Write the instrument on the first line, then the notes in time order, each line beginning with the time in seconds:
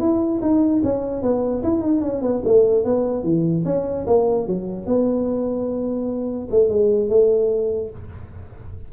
tuba
0.00 E4
0.42 D#4
0.84 C#4
1.22 B3
1.63 E4
1.82 D#4
2.02 C#4
2.22 B3
2.45 A3
2.85 B3
3.24 E3
3.66 C#4
4.07 A#3
4.47 F#3
4.87 B3
6.51 A3
6.69 G#3
7.10 A3